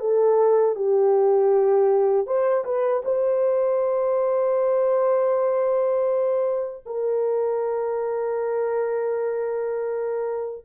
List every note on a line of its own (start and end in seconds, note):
0.00 0.76 A4
0.76 2.27 G4
2.27 2.65 C5
2.65 3.03 B4
3.05 6.85 C5
6.86 10.65 A#4